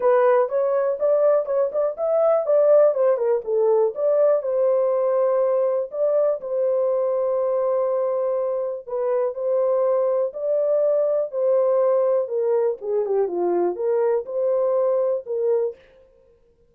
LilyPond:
\new Staff \with { instrumentName = "horn" } { \time 4/4 \tempo 4 = 122 b'4 cis''4 d''4 cis''8 d''8 | e''4 d''4 c''8 ais'8 a'4 | d''4 c''2. | d''4 c''2.~ |
c''2 b'4 c''4~ | c''4 d''2 c''4~ | c''4 ais'4 gis'8 g'8 f'4 | ais'4 c''2 ais'4 | }